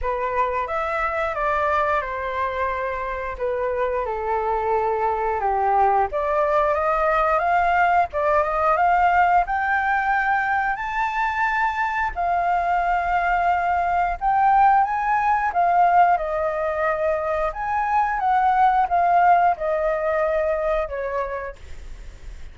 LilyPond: \new Staff \with { instrumentName = "flute" } { \time 4/4 \tempo 4 = 89 b'4 e''4 d''4 c''4~ | c''4 b'4 a'2 | g'4 d''4 dis''4 f''4 | d''8 dis''8 f''4 g''2 |
a''2 f''2~ | f''4 g''4 gis''4 f''4 | dis''2 gis''4 fis''4 | f''4 dis''2 cis''4 | }